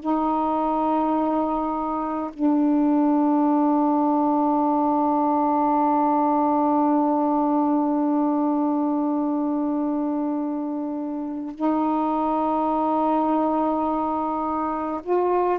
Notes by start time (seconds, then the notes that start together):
0.00 D#4
2.33 D4
11.55 D#4
15.03 F4